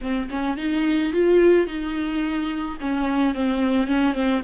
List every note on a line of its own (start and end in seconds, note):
0.01 0.29 C4
0.30 0.57 C#4
0.57 1.12 D#4
1.12 1.66 F4
1.66 2.77 D#4
2.80 3.34 C#4
3.34 3.87 C4
3.87 4.14 C#4
4.14 4.42 C4